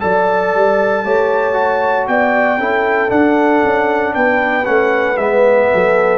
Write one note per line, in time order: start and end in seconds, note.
0.00 0.54 F#3
0.00 1.03 A4
0.00 1.05 D5
0.00 2.07 A5
0.54 1.04 G3
1.04 2.08 A3
1.04 1.53 G4
1.04 2.08 C#5
1.53 2.57 F#4
2.07 2.58 B3
2.07 2.59 D5
2.07 3.10 G5
2.58 3.10 C#4
2.58 3.08 E4
2.58 4.14 A4
3.08 4.63 D4
3.08 3.62 D4
3.08 4.14 F#5
3.64 4.15 C#4
4.14 4.67 B3
4.14 5.70 B4
4.14 4.65 G5
4.65 5.17 A3
4.65 5.17 C#4
4.65 5.17 F#5
5.17 5.69 G#3
5.17 6.18 B3
5.17 6.18 E5
5.71 6.18 F#3
5.71 6.18 A4